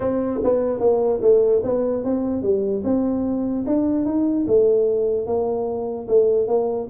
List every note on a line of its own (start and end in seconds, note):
0.00 0.40 C4
0.43 0.79 B3
0.79 1.20 A#3
1.21 1.62 A3
1.63 2.03 B3
2.03 2.42 C4
2.42 2.82 G3
2.84 3.65 C4
3.66 4.05 D4
4.05 4.45 D#4
4.47 5.26 A3
5.26 6.07 A#3
6.08 6.47 A3
6.47 6.88 A#3